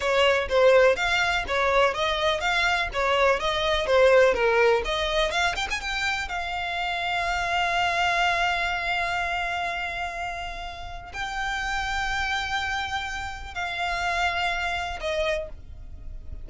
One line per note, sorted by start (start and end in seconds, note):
0.00 0.48 C#5
0.48 0.96 C5
0.96 1.44 F5
1.47 1.94 C#5
1.94 2.40 D#5
2.40 2.88 F5
2.93 3.39 C#5
3.39 3.86 D#5
3.86 4.34 C5
4.34 4.82 A#4
4.85 5.31 D#5
5.31 5.55 F5
5.55 5.67 G5
5.70 5.80 G#5
5.80 6.28 G5
6.28 11.12 F5
11.13 13.54 G5
13.54 14.99 F5
15.00 15.49 D#5